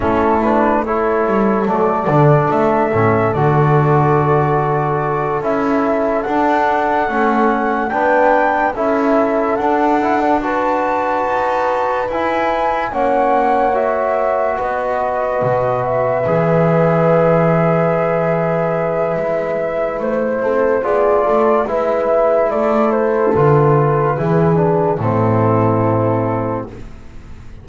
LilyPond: <<
  \new Staff \with { instrumentName = "flute" } { \time 4/4 \tempo 4 = 72 a'8 b'8 cis''4 d''4 e''4 | d''2~ d''8 e''4 fis''8~ | fis''4. g''4 e''4 fis''8~ | fis''8 a''2 gis''4 fis''8~ |
fis''8 e''4 dis''4. e''4~ | e''1 | c''4 d''4 e''4 d''8 c''8 | b'2 a'2 | }
  \new Staff \with { instrumentName = "horn" } { \time 4/4 e'4 a'2.~ | a'1~ | a'4. b'4 a'4.~ | a'8 b'2. cis''8~ |
cis''4. b'2~ b'8~ | b'1~ | b'8 a'8 gis'8 a'8 b'4 a'4~ | a'4 gis'4 e'2 | }
  \new Staff \with { instrumentName = "trombone" } { \time 4/4 cis'8 d'8 e'4 a8 d'4 cis'8 | fis'2~ fis'8 e'4 d'8~ | d'8 cis'4 d'4 e'4 d'8 | e'16 d'16 fis'2 e'4 cis'8~ |
cis'8 fis'2. gis'8~ | gis'2. e'4~ | e'4 f'4 e'2 | f'4 e'8 d'8 c'2 | }
  \new Staff \with { instrumentName = "double bass" } { \time 4/4 a4. g8 fis8 d8 a8 a,8 | d2~ d8 cis'4 d'8~ | d'8 a4 b4 cis'4 d'8~ | d'4. dis'4 e'4 ais8~ |
ais4. b4 b,4 e8~ | e2. gis4 | a8 c'8 b8 a8 gis4 a4 | d4 e4 a,2 | }
>>